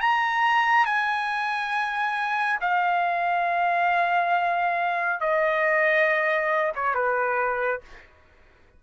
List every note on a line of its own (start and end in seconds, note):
0.00 0.85 A#5
0.85 2.59 G#5
2.60 5.20 F5
5.20 6.72 D#5
6.75 6.94 C#5
6.94 7.81 B4